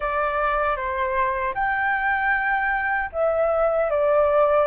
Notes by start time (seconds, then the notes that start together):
0.00 D5
0.76 C5
1.54 G5
3.12 E5
3.90 D5